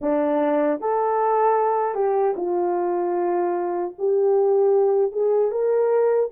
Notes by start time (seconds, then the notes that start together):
0.01 D4
0.80 A4
1.94 G4
2.36 F4
3.98 G4
5.11 G#4
5.51 A#4